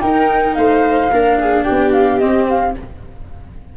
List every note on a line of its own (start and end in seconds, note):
0.00 1.10 D#4
0.00 0.56 D#4
0.00 0.57 A#4
0.00 0.54 G5
0.54 1.11 A3
0.54 1.11 C5
0.54 1.63 F5
1.11 1.65 A#3
1.11 2.21 D4
1.11 1.38 A#4
1.39 1.64 G#4
1.63 2.73 G4
1.63 1.90 G5
1.70 2.22 B3
1.92 2.19 F5
2.19 2.75 C4
2.19 2.77 C4
2.19 2.46 D#5
2.49 2.76 F5